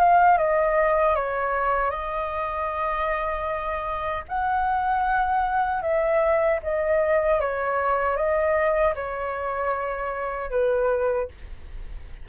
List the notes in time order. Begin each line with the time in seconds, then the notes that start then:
0.00 F5
0.38 D#5
1.16 C#5
1.91 D#5
4.29 F#5
5.82 E5
6.63 D#5
7.41 C#5
8.17 D#5
8.96 C#5
10.51 B4